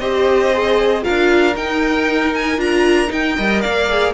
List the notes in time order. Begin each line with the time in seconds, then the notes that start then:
0.00 C4 G4 C5 D#5
0.53 G#4
1.03 F4 A#4 F5
1.09 D4
1.55 D#4 G5
2.35 G#5
2.58 D4 F4 A#5
3.07 D#4 G5
3.36 G3 A#4 D#5
3.61 A#3 D5 F5
3.89 G#4